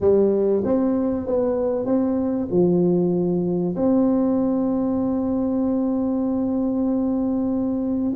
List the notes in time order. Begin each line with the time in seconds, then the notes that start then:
0.00 G3
0.64 C4
1.26 B3
1.85 C4
2.50 F3
3.76 C4